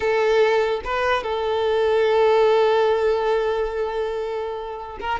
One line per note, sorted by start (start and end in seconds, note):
0.00 0.81 A4
0.84 1.23 B4
1.23 4.98 A4
5.00 5.19 A#4